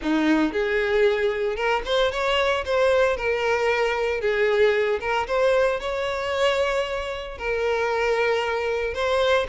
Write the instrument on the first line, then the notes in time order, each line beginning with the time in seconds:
violin
0.01 D#4
0.52 G#4
1.56 A#4
1.85 C5
2.11 C#5
2.65 C5
3.16 A#4
4.20 G#4
5.00 A#4
5.27 C5
5.80 C#5
7.38 A#4
8.93 C5